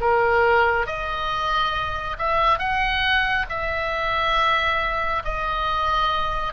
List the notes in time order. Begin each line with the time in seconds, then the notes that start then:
0.00 A#4
0.86 D#5
2.18 E5
2.58 F#5
3.49 E5
5.24 D#5